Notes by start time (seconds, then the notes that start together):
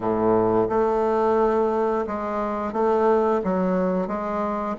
0.00 A2
0.69 A3
2.06 G#3
2.72 A3
3.43 F#3
4.07 G#3